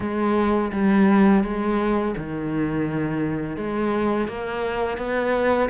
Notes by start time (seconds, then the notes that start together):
0.00 G#3
0.72 G3
1.43 G#3
2.17 D#3
3.56 G#3
4.28 A#3
4.97 B3